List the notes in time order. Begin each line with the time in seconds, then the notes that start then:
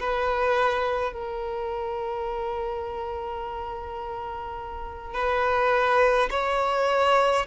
0.00 B4
1.13 A#4
5.15 B4
6.31 C#5